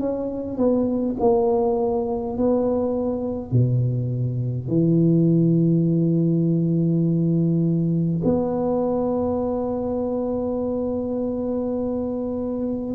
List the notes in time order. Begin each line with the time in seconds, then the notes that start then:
0.00 C#4
0.58 B3
1.20 A#3
2.38 B3
3.51 B2
4.68 E3
8.25 B3